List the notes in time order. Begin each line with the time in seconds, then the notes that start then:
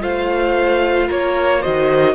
0.00 A3 F4 C5 F5
1.08 A#3 A#4 C#5
1.60 F#4 C5 D#5
1.67 D#3